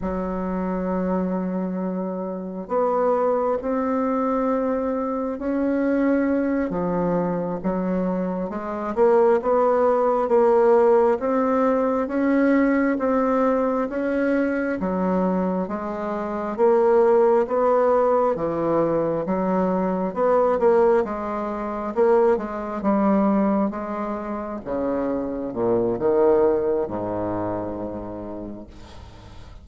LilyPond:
\new Staff \with { instrumentName = "bassoon" } { \time 4/4 \tempo 4 = 67 fis2. b4 | c'2 cis'4. f8~ | f8 fis4 gis8 ais8 b4 ais8~ | ais8 c'4 cis'4 c'4 cis'8~ |
cis'8 fis4 gis4 ais4 b8~ | b8 e4 fis4 b8 ais8 gis8~ | gis8 ais8 gis8 g4 gis4 cis8~ | cis8 ais,8 dis4 gis,2 | }